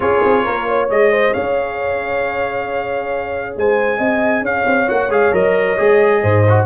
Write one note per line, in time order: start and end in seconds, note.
0.00 0.21 C#4
0.00 0.88 F4
0.00 0.44 G#4
0.00 0.89 C#5
0.24 0.46 C4
0.44 0.89 A#3
0.44 0.66 A#4
0.67 1.11 C#5
0.88 1.34 G#3
0.88 4.87 G#4
0.88 1.33 D#5
1.11 1.33 C5
1.33 3.56 C#4
1.33 3.55 C#5
1.33 3.55 F5
3.56 3.98 G#3
3.56 3.98 C5
3.56 4.45 G#5
3.98 4.41 C4
3.98 4.42 D#5
4.41 4.63 C#4
4.41 6.22 C#5
4.41 4.89 F5
4.66 4.88 C4
4.87 5.09 A#3
4.87 5.09 F#4
4.87 5.11 F#5
5.09 5.31 G#3
5.09 5.32 G#4
5.09 5.34 F5
5.32 5.77 F#3
5.32 5.77 A#4
5.32 6.65 D#5
5.77 6.22 G#3
5.77 6.44 G#4
6.22 6.65 G#2
6.22 6.65 C5
6.48 6.65 F#4